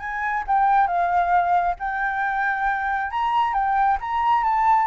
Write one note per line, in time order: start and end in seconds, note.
0.00 0.44 G#5
0.48 0.88 G5
0.88 1.76 F5
1.80 3.11 G5
3.11 3.54 A#5
3.54 3.98 G5
4.01 4.44 A#5
4.44 4.88 A5